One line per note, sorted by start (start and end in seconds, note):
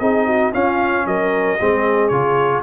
0.00 0.53 C4
0.00 0.54 D#4
0.00 0.27 G#4
0.00 0.53 D#5
0.27 0.53 F#4
0.53 1.59 C#4
0.53 1.06 C#4
0.53 1.06 F4
0.53 1.07 F5
1.06 1.59 F#3
1.06 1.60 A#4
1.06 2.09 D#5
1.60 2.12 G#3
1.60 2.12 C4
1.60 2.63 G#4
2.09 2.63 C#3
2.09 2.63 F4
2.09 2.61 C#5